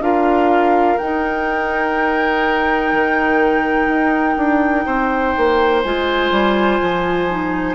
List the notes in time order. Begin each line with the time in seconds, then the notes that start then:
0.00 D4 F4 A#4 F5
0.98 D#4 G5
2.94 D#3
3.88 D#4
4.37 D4
4.86 C4 C5
5.37 A#3
5.83 G#3 F4 G#5
6.31 G3
6.82 F3
7.30 D#4